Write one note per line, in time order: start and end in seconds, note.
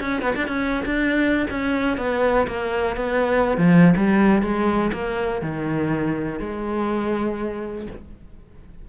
0.00 0.22 C#4
0.22 0.34 B3
0.36 0.47 D4
0.47 0.84 C#4
0.85 1.46 D4
1.50 1.97 C#4
1.97 2.46 B3
2.47 2.96 A#3
2.96 3.57 B3
3.57 3.94 F3
3.96 4.42 G3
4.42 4.91 G#3
4.92 5.41 A#3
5.41 6.39 D#3
6.39 7.87 G#3